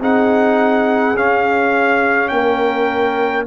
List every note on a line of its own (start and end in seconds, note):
0.00 1.15 C4
0.00 1.16 D#4
0.00 2.31 G#4
0.00 1.17 F#5
1.15 2.31 C#4
1.15 3.47 C#4
1.15 2.28 F5
2.28 3.47 A#3
2.28 3.47 A#4
2.28 3.44 G5